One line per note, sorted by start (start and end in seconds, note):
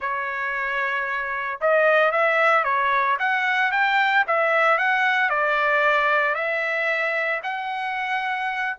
0.00 1.60 C#5
1.60 2.11 D#5
2.11 2.64 E5
2.64 3.17 C#5
3.19 3.71 F#5
3.71 4.25 G5
4.27 4.78 E5
4.78 5.29 F#5
5.29 6.35 D5
6.35 7.41 E5
7.43 8.76 F#5